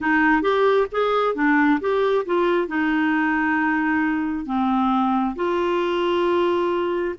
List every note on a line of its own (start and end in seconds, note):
0.00 0.42 D#4
0.42 0.87 G4
0.91 1.34 G#4
1.34 1.79 D4
1.80 2.25 G4
2.25 2.67 F4
2.67 4.45 D#4
4.45 5.35 C4
5.35 7.14 F4